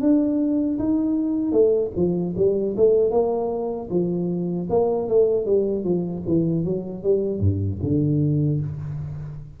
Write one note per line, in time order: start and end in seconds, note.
0.00 0.78 D4
0.78 1.52 D#4
1.52 1.91 A3
1.96 2.34 F3
2.36 2.75 G3
2.76 3.11 A3
3.11 3.89 A#3
3.90 4.68 F3
4.69 5.08 A#3
5.08 5.45 A3
5.45 5.83 G3
5.83 6.22 F3
6.27 6.64 E3
6.64 7.03 F#3
7.03 7.40 G3
7.40 7.79 G2
7.82 8.60 D3